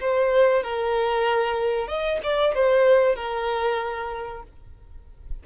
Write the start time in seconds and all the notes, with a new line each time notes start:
0.00 C5
0.63 A#4
1.87 D#5
2.23 D5
2.54 C5
3.16 A#4